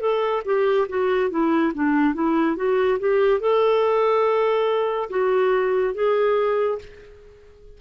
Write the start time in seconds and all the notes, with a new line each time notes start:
0.00 A4
0.45 G4
0.88 F#4
1.30 E4
1.74 D4
2.14 E4
2.56 F#4
2.99 G4
3.40 A4
5.10 F#4
5.94 G#4